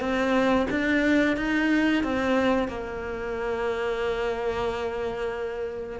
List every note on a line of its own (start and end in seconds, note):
0.00 0.67 C4
0.70 1.36 D4
1.36 2.03 D#4
2.03 2.68 C4
2.68 6.00 A#3